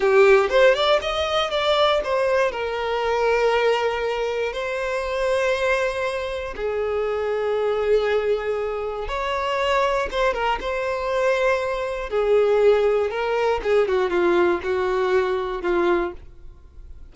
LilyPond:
\new Staff \with { instrumentName = "violin" } { \time 4/4 \tempo 4 = 119 g'4 c''8 d''8 dis''4 d''4 | c''4 ais'2.~ | ais'4 c''2.~ | c''4 gis'2.~ |
gis'2 cis''2 | c''8 ais'8 c''2. | gis'2 ais'4 gis'8 fis'8 | f'4 fis'2 f'4 | }